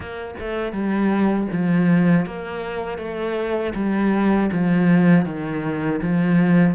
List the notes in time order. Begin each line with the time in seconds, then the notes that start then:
0.00 A#3
0.39 A3
0.72 G3
1.51 F3
2.26 A#3
2.98 A3
3.75 G3
4.52 F3
5.25 D#3
6.02 F3